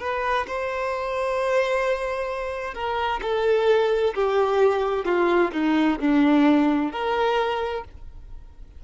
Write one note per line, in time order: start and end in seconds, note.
0.00 0.46 B4
0.47 2.74 C5
2.74 3.20 A#4
3.22 4.14 A4
4.15 5.05 G4
5.05 5.51 F4
5.53 5.99 D#4
6.00 6.92 D4
6.92 7.84 A#4